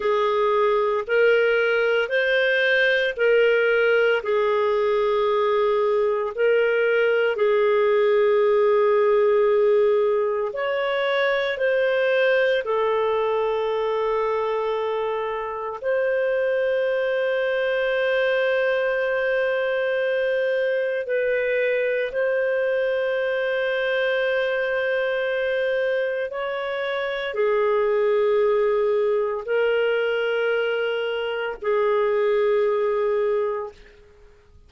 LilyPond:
\new Staff \with { instrumentName = "clarinet" } { \time 4/4 \tempo 4 = 57 gis'4 ais'4 c''4 ais'4 | gis'2 ais'4 gis'4~ | gis'2 cis''4 c''4 | a'2. c''4~ |
c''1 | b'4 c''2.~ | c''4 cis''4 gis'2 | ais'2 gis'2 | }